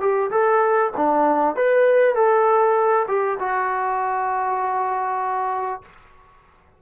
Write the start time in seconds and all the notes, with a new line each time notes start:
0.00 G4
0.31 A4
0.97 D4
1.56 B4
2.15 A4
3.08 G4
3.39 F#4